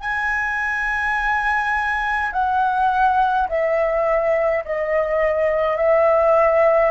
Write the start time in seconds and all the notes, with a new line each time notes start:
0.00 G#5
2.32 F#5
3.48 E5
4.64 D#5
5.76 E5